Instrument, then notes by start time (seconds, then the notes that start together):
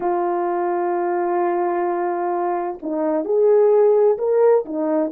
horn
0.00 F4
2.82 D#4
3.24 G#4
4.18 A#4
4.65 D#4